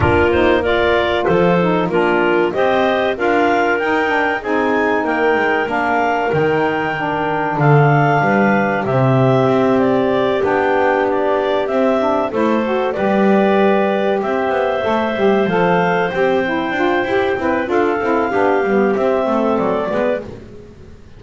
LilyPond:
<<
  \new Staff \with { instrumentName = "clarinet" } { \time 4/4 \tempo 4 = 95 ais'8 c''8 d''4 c''4 ais'4 | dis''4 f''4 g''4 gis''4 | g''4 f''4 g''2 | f''2 e''4. d''8~ |
d''8 g''4 d''4 e''4 c''8~ | c''8 d''2 e''4.~ | e''8 f''4 g''2~ g''8 | f''2 e''4 d''4 | }
  \new Staff \with { instrumentName = "clarinet" } { \time 4/4 f'4 ais'4 a'4 f'4 | c''4 ais'2 gis'4 | ais'1 | a'4 b'4 g'2~ |
g'2.~ g'8 a'8~ | a'8 b'2 c''4.~ | c''2.~ c''8 b'8 | a'4 g'4. a'4 b'8 | }
  \new Staff \with { instrumentName = "saxophone" } { \time 4/4 d'8 dis'8 f'4. dis'8 d'4 | g'4 f'4 dis'8 d'8 dis'4~ | dis'4 d'4 dis'4 d'4~ | d'2 c'2~ |
c'8 d'2 c'8 d'8 e'8 | fis'8 g'2. a'8 | g'8 a'4 g'8 e'8 f'8 g'8 e'8 | f'8 e'8 d'8 b8 c'4. b8 | }
  \new Staff \with { instrumentName = "double bass" } { \time 4/4 ais2 f4 ais4 | c'4 d'4 dis'4 c'4 | ais8 gis8 ais4 dis2 | d4 g4 c4 c'4~ |
c'8 b2 c'4 a8~ | a8 g2 c'8 b8 a8 | g8 f4 c'4 d'8 e'8 c'8 | d'8 c'8 b8 g8 c'8 a8 fis8 gis8 | }
>>